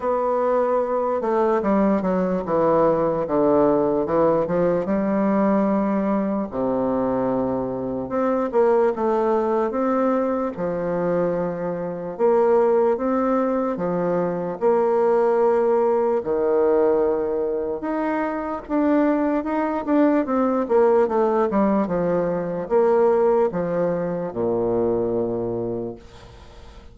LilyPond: \new Staff \with { instrumentName = "bassoon" } { \time 4/4 \tempo 4 = 74 b4. a8 g8 fis8 e4 | d4 e8 f8 g2 | c2 c'8 ais8 a4 | c'4 f2 ais4 |
c'4 f4 ais2 | dis2 dis'4 d'4 | dis'8 d'8 c'8 ais8 a8 g8 f4 | ais4 f4 ais,2 | }